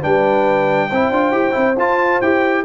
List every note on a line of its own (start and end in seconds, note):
0.00 0.91 G3
0.00 0.89 D4
0.00 0.88 B4
0.00 1.78 G5
0.89 1.10 C4
0.89 1.12 E4
0.89 2.64 C5
1.10 1.31 D4
1.10 1.31 F4
1.31 1.53 E4
1.31 1.51 G4
1.51 1.76 C4
1.51 1.73 E4
1.76 2.20 F4
1.76 2.22 F4
1.76 2.21 A5
2.21 2.65 E4
2.21 2.65 G4
2.21 2.64 G5